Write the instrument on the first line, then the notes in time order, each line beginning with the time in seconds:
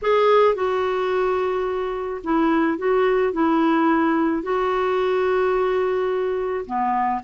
clarinet
0.02 G#4
0.54 F#4
2.23 E4
2.78 F#4
3.33 E4
4.42 F#4
6.66 B3